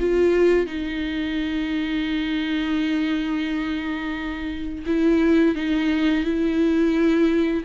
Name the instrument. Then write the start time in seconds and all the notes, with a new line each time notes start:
viola
0.00 F4
0.66 D#4
4.86 E4
5.56 D#4
6.24 E4